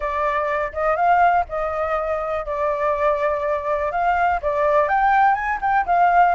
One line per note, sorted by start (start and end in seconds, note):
0.00 0.72 D5
0.72 0.96 D#5
0.96 1.44 F5
1.48 2.45 D#5
2.45 3.91 D5
3.91 4.40 F5
4.42 4.88 D5
4.88 5.34 G5
5.34 5.59 G#5
5.61 5.85 G5
5.86 6.34 F5